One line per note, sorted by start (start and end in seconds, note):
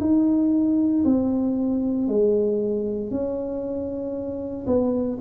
0.00 1.03 D#4
1.04 2.07 C4
2.07 3.10 G#3
3.10 4.66 C#4
4.66 5.18 B3